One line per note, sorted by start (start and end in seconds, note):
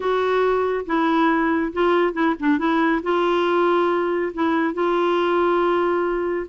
0.00 0.85 F#4
0.86 1.72 E4
1.72 2.13 F4
2.13 2.34 E4
2.39 2.58 D4
2.58 3.01 E4
3.02 4.32 F4
4.33 4.74 E4
4.74 6.46 F4